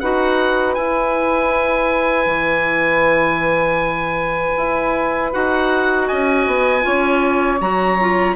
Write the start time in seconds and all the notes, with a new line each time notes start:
0.00 D#4 F#4 B4 F#5
0.75 E4 G#5
2.26 E3
4.57 E4
5.33 D#4 F#4 F#5
6.07 C#4 D#5 G#5
6.47 B3
6.82 C#4 F4 C#5
7.61 F#3 F#4 A#5
8.00 F4